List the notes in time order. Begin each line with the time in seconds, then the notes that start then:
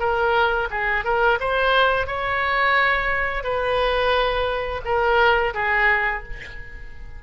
0.00 A#4
0.71 G#4
1.05 A#4
1.40 C5
2.07 C#5
3.44 B4
4.85 A#4
5.55 G#4